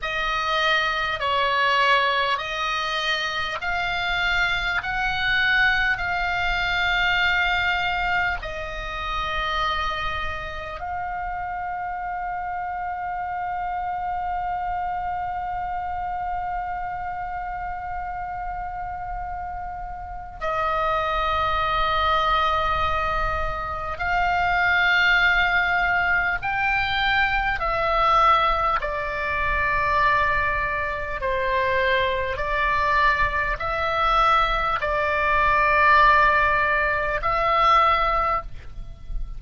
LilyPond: \new Staff \with { instrumentName = "oboe" } { \time 4/4 \tempo 4 = 50 dis''4 cis''4 dis''4 f''4 | fis''4 f''2 dis''4~ | dis''4 f''2.~ | f''1~ |
f''4 dis''2. | f''2 g''4 e''4 | d''2 c''4 d''4 | e''4 d''2 e''4 | }